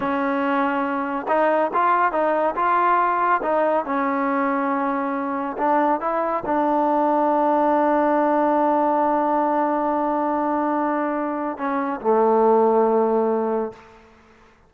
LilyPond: \new Staff \with { instrumentName = "trombone" } { \time 4/4 \tempo 4 = 140 cis'2. dis'4 | f'4 dis'4 f'2 | dis'4 cis'2.~ | cis'4 d'4 e'4 d'4~ |
d'1~ | d'1~ | d'2. cis'4 | a1 | }